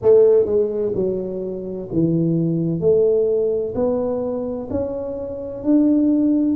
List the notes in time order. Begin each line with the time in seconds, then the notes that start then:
0.02 A3
0.45 G#3
0.95 F#3
1.92 E3
2.80 A3
3.75 B3
4.70 C#4
5.63 D4